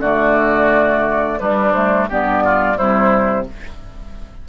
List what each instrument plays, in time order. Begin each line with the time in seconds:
0.00 bassoon D3, clarinet A3, oboe F#4, flute D5
1.39 bassoon G3, clarinet G3, oboe D4, flute B4
1.71 clarinet A3, flute C5
2.09 bassoon G2, clarinet B3, oboe G4, flute D5
2.44 oboe F4
2.75 bassoon C3, clarinet G3, oboe E4, flute C5